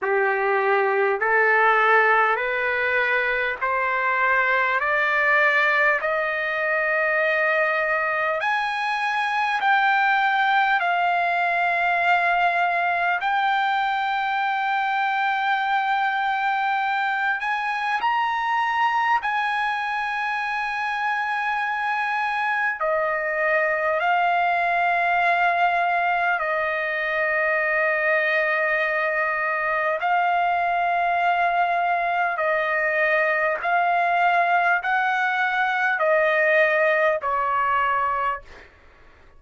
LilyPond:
\new Staff \with { instrumentName = "trumpet" } { \time 4/4 \tempo 4 = 50 g'4 a'4 b'4 c''4 | d''4 dis''2 gis''4 | g''4 f''2 g''4~ | g''2~ g''8 gis''8 ais''4 |
gis''2. dis''4 | f''2 dis''2~ | dis''4 f''2 dis''4 | f''4 fis''4 dis''4 cis''4 | }